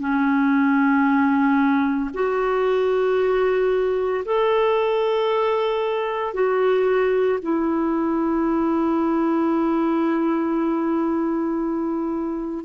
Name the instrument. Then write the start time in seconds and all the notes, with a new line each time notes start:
clarinet
0.00 C#4
2.14 F#4
4.25 A4
6.34 F#4
7.43 E4